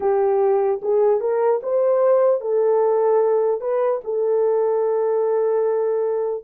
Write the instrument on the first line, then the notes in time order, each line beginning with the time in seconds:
horn
0.00 G4
0.81 G#4
1.20 A#4
1.63 C5
2.40 A4
3.60 B4
4.04 A4